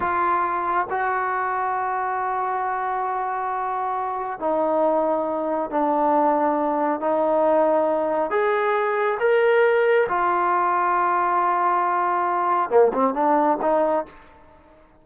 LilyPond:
\new Staff \with { instrumentName = "trombone" } { \time 4/4 \tempo 4 = 137 f'2 fis'2~ | fis'1~ | fis'2 dis'2~ | dis'4 d'2. |
dis'2. gis'4~ | gis'4 ais'2 f'4~ | f'1~ | f'4 ais8 c'8 d'4 dis'4 | }